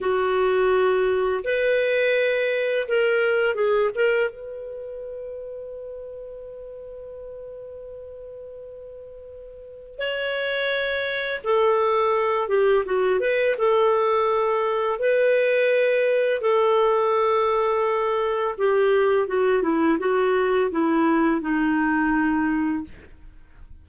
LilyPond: \new Staff \with { instrumentName = "clarinet" } { \time 4/4 \tempo 4 = 84 fis'2 b'2 | ais'4 gis'8 ais'8 b'2~ | b'1~ | b'2 cis''2 |
a'4. g'8 fis'8 b'8 a'4~ | a'4 b'2 a'4~ | a'2 g'4 fis'8 e'8 | fis'4 e'4 dis'2 | }